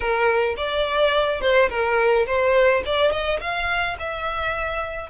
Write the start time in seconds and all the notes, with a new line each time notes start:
0.00 A#4
0.57 D5
1.40 C5
1.69 A#4
2.26 C5
2.85 D5
3.11 D#5
3.40 F5
3.99 E5